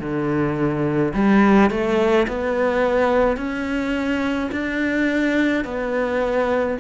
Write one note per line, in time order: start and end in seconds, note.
0.00 1.13 D3
1.14 1.70 G3
1.70 2.27 A3
2.28 3.37 B3
3.37 4.50 C#4
4.52 5.64 D4
5.64 6.78 B3